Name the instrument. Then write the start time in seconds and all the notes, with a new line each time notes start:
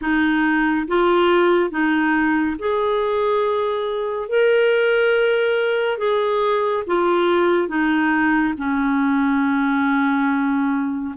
clarinet
0.01 D#4
0.87 F4
1.70 D#4
2.58 G#4
4.28 A#4
5.98 G#4
6.86 F4
7.68 D#4
8.57 C#4